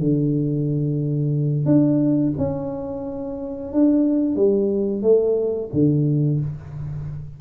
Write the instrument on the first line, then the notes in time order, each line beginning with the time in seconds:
tuba
0.00 D3
1.66 D4
2.38 C#4
3.73 D4
4.36 G3
5.03 A3
5.73 D3